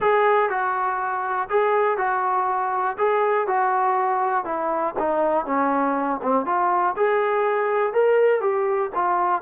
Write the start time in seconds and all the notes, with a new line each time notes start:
0.00 G#4
0.49 F#4
1.49 G#4
1.97 F#4
2.98 G#4
3.47 F#4
4.44 E4
4.98 D#4
5.45 C#4
6.22 C4
6.45 F4
6.96 G#4
7.93 A#4
8.40 G4
8.94 F4